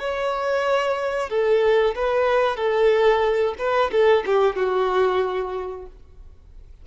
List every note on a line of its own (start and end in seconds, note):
0.00 1.30 C#5
1.30 1.95 A4
1.96 2.57 B4
2.57 3.55 A4
3.59 3.91 B4
3.92 4.25 A4
4.26 4.56 G4
4.56 5.87 F#4